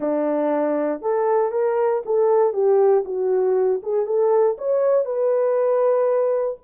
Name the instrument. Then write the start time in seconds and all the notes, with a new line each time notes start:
horn
0.00 D4
1.01 A4
1.51 A#4
2.05 A4
2.53 G4
3.04 F#4
3.83 G#4
4.06 A4
4.58 C#5
5.05 B4